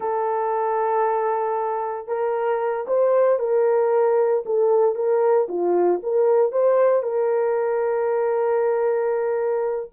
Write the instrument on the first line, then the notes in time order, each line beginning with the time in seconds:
horn
0.00 A4
2.07 A#4
2.87 C5
3.39 A#4
4.45 A4
4.95 A#4
5.48 F4
6.03 A#4
6.52 C5
7.02 A#4